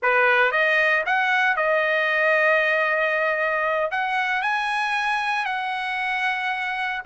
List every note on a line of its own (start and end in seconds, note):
0.02 0.51 B4
0.51 1.03 D#5
1.06 1.56 F#5
1.56 3.91 D#5
3.91 4.41 F#5
4.41 5.45 G#5
5.45 7.02 F#5